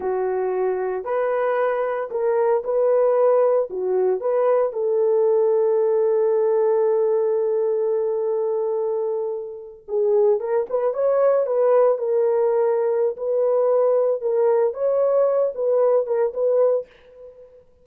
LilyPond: \new Staff \with { instrumentName = "horn" } { \time 4/4 \tempo 4 = 114 fis'2 b'2 | ais'4 b'2 fis'4 | b'4 a'2.~ | a'1~ |
a'2~ a'8. gis'4 ais'16~ | ais'16 b'8 cis''4 b'4 ais'4~ ais'16~ | ais'4 b'2 ais'4 | cis''4. b'4 ais'8 b'4 | }